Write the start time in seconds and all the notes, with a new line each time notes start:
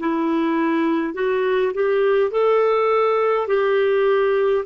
0.00 E4
1.14 F#4
1.74 G4
2.31 A4
3.48 G4